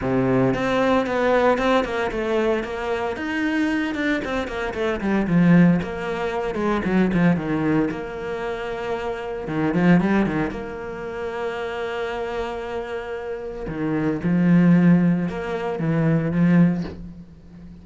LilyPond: \new Staff \with { instrumentName = "cello" } { \time 4/4 \tempo 4 = 114 c4 c'4 b4 c'8 ais8 | a4 ais4 dis'4. d'8 | c'8 ais8 a8 g8 f4 ais4~ | ais8 gis8 fis8 f8 dis4 ais4~ |
ais2 dis8 f8 g8 dis8 | ais1~ | ais2 dis4 f4~ | f4 ais4 e4 f4 | }